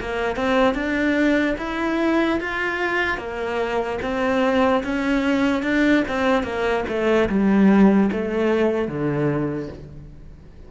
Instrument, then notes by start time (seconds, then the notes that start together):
cello
0.00 A#3
0.36 C4
0.74 D4
1.58 E4
2.40 F4
3.17 A#3
4.02 C4
4.83 C#4
5.63 D4
6.08 C4
6.43 A#3
6.88 A3
7.29 G3
8.12 A3
8.87 D3